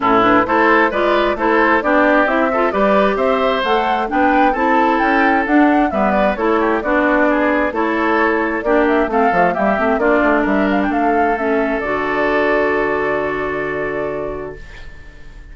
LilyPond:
<<
  \new Staff \with { instrumentName = "flute" } { \time 4/4 \tempo 4 = 132 a'8 b'8 c''4 d''4 c''4 | d''4 e''4 d''4 e''4 | fis''4 g''4 a''4 g''4 | fis''4 e''8 d''8 cis''4 d''4~ |
d''4 cis''2 d''8 e''8 | f''4 e''4 d''4 e''8 f''16 g''16 | f''4 e''4 d''2~ | d''1 | }
  \new Staff \with { instrumentName = "oboe" } { \time 4/4 e'4 a'4 b'4 a'4 | g'4. a'8 b'4 c''4~ | c''4 b'4 a'2~ | a'4 b'4 a'8 g'8 fis'4 |
gis'4 a'2 g'4 | a'4 g'4 f'4 ais'4 | a'1~ | a'1 | }
  \new Staff \with { instrumentName = "clarinet" } { \time 4/4 cis'8 d'8 e'4 f'4 e'4 | d'4 e'8 f'8 g'2 | a'4 d'4 e'2 | d'4 b4 e'4 d'4~ |
d'4 e'2 d'4 | c'8 a8 ais8 c'8 d'2~ | d'4 cis'4 fis'2~ | fis'1 | }
  \new Staff \with { instrumentName = "bassoon" } { \time 4/4 a,4 a4 gis4 a4 | b4 c'4 g4 c'4 | a4 b4 c'4 cis'4 | d'4 g4 a4 b4~ |
b4 a2 ais4 | a8 f8 g8 a8 ais8 a8 g4 | a2 d2~ | d1 | }
>>